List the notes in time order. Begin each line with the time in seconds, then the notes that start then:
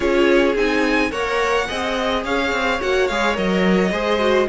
0.00 C#4 F4 G#4 C#5
0.55 C4 D#4 G#5
1.10 A#3 A#4 C#5 F#5
1.68 C4 G#4 D#5
2.24 C#4 C#5 F5
2.52 C4
2.81 A#3 F#4 F#5
3.07 G#3 G#4 F5
3.34 F#3 A#4 D#5
3.91 G#3 G#4 C5
4.19 F#4